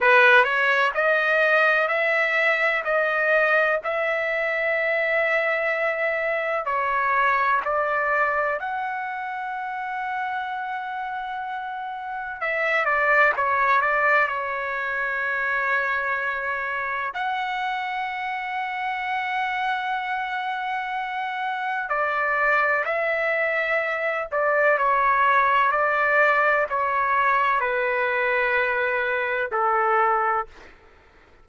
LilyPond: \new Staff \with { instrumentName = "trumpet" } { \time 4/4 \tempo 4 = 63 b'8 cis''8 dis''4 e''4 dis''4 | e''2. cis''4 | d''4 fis''2.~ | fis''4 e''8 d''8 cis''8 d''8 cis''4~ |
cis''2 fis''2~ | fis''2. d''4 | e''4. d''8 cis''4 d''4 | cis''4 b'2 a'4 | }